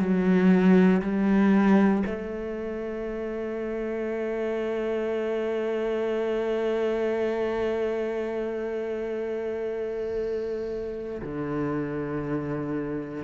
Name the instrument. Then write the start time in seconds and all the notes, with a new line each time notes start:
cello
0.00 F#3
1.02 G3
2.07 A3
11.22 D3